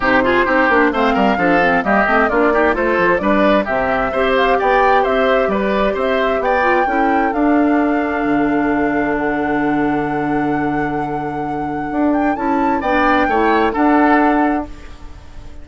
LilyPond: <<
  \new Staff \with { instrumentName = "flute" } { \time 4/4 \tempo 4 = 131 c''2 f''2 | dis''4 d''4 c''4 d''4 | e''4. f''8 g''4 e''4 | d''4 e''4 g''2 |
f''1 | fis''1~ | fis''2~ fis''8 g''8 a''4 | g''2 fis''2 | }
  \new Staff \with { instrumentName = "oboe" } { \time 4/4 g'8 gis'8 g'4 c''8 ais'8 a'4 | g'4 f'8 g'8 a'4 b'4 | g'4 c''4 d''4 c''4 | b'4 c''4 d''4 a'4~ |
a'1~ | a'1~ | a'1 | d''4 cis''4 a'2 | }
  \new Staff \with { instrumentName = "clarinet" } { \time 4/4 dis'8 f'8 dis'8 d'8 c'4 d'8 c'8 | ais8 c'8 d'8 dis'8 f'4 d'4 | c'4 g'2.~ | g'2~ g'8 f'8 e'4 |
d'1~ | d'1~ | d'2. e'4 | d'4 e'4 d'2 | }
  \new Staff \with { instrumentName = "bassoon" } { \time 4/4 c4 c'8 ais8 a8 g8 f4 | g8 a8 ais4 a8 f8 g4 | c4 c'4 b4 c'4 | g4 c'4 b4 cis'4 |
d'2 d2~ | d1~ | d2 d'4 cis'4 | b4 a4 d'2 | }
>>